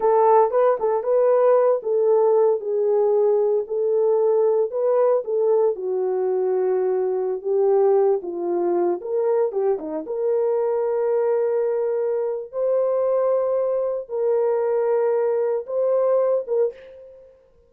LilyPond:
\new Staff \with { instrumentName = "horn" } { \time 4/4 \tempo 4 = 115 a'4 b'8 a'8 b'4. a'8~ | a'4 gis'2 a'4~ | a'4 b'4 a'4 fis'4~ | fis'2~ fis'16 g'4. f'16~ |
f'4~ f'16 ais'4 g'8 dis'8 ais'8.~ | ais'1 | c''2. ais'4~ | ais'2 c''4. ais'8 | }